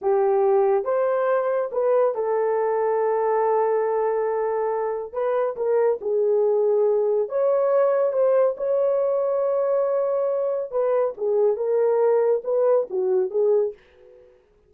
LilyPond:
\new Staff \with { instrumentName = "horn" } { \time 4/4 \tempo 4 = 140 g'2 c''2 | b'4 a'2.~ | a'1 | b'4 ais'4 gis'2~ |
gis'4 cis''2 c''4 | cis''1~ | cis''4 b'4 gis'4 ais'4~ | ais'4 b'4 fis'4 gis'4 | }